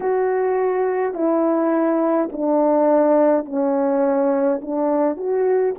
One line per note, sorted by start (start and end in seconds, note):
0.00 1.13 F#4
1.13 2.29 E4
2.32 3.45 D4
3.45 4.60 C#4
4.62 5.17 D4
5.17 5.74 F#4